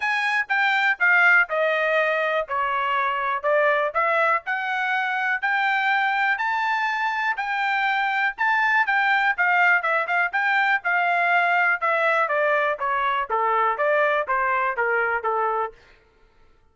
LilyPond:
\new Staff \with { instrumentName = "trumpet" } { \time 4/4 \tempo 4 = 122 gis''4 g''4 f''4 dis''4~ | dis''4 cis''2 d''4 | e''4 fis''2 g''4~ | g''4 a''2 g''4~ |
g''4 a''4 g''4 f''4 | e''8 f''8 g''4 f''2 | e''4 d''4 cis''4 a'4 | d''4 c''4 ais'4 a'4 | }